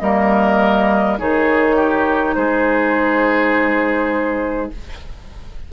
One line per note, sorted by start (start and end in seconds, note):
0.00 1.19 G3
0.00 1.19 A#3
0.00 1.19 A#4
0.00 1.18 D#5
1.19 2.36 D#3
1.19 4.72 D#4
1.19 1.76 G#4
1.19 2.35 C#5
1.76 2.35 G4
2.35 4.72 G#3
2.35 4.73 G#4
2.35 4.70 C5